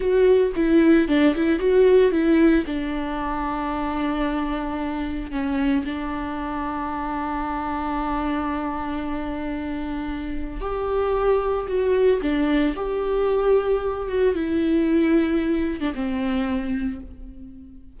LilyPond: \new Staff \with { instrumentName = "viola" } { \time 4/4 \tempo 4 = 113 fis'4 e'4 d'8 e'8 fis'4 | e'4 d'2.~ | d'2 cis'4 d'4~ | d'1~ |
d'1 | g'2 fis'4 d'4 | g'2~ g'8 fis'8 e'4~ | e'4.~ e'16 d'16 c'2 | }